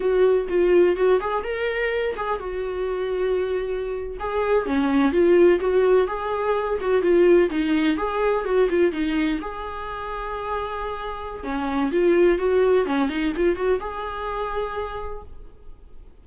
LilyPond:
\new Staff \with { instrumentName = "viola" } { \time 4/4 \tempo 4 = 126 fis'4 f'4 fis'8 gis'8 ais'4~ | ais'8 gis'8 fis'2.~ | fis'8. gis'4 cis'4 f'4 fis'16~ | fis'8. gis'4. fis'8 f'4 dis'16~ |
dis'8. gis'4 fis'8 f'8 dis'4 gis'16~ | gis'1 | cis'4 f'4 fis'4 cis'8 dis'8 | f'8 fis'8 gis'2. | }